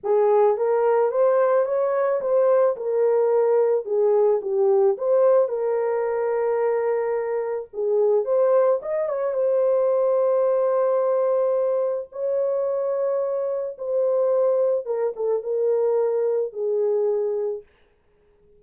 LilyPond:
\new Staff \with { instrumentName = "horn" } { \time 4/4 \tempo 4 = 109 gis'4 ais'4 c''4 cis''4 | c''4 ais'2 gis'4 | g'4 c''4 ais'2~ | ais'2 gis'4 c''4 |
dis''8 cis''8 c''2.~ | c''2 cis''2~ | cis''4 c''2 ais'8 a'8 | ais'2 gis'2 | }